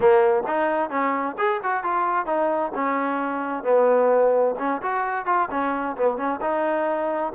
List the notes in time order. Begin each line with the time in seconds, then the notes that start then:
0.00 A#3
0.47 D#4
0.89 C#4
1.37 G#4
1.63 F#4
1.83 F4
2.26 D#4
2.75 C#4
3.63 B3
4.58 C#4
4.82 F#4
5.25 F4
5.50 C#4
5.96 B3
6.17 C#4
6.41 D#4